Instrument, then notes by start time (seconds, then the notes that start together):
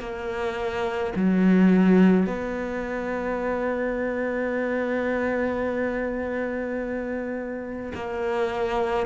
cello
0.00 A#3
1.16 F#3
2.26 B3
7.95 A#3